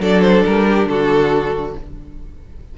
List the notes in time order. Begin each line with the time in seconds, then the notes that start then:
0.00 F#3 D4 A4 D5
0.22 C5
0.45 G3 A#4
0.67 G4
0.86 D3 F#4 A4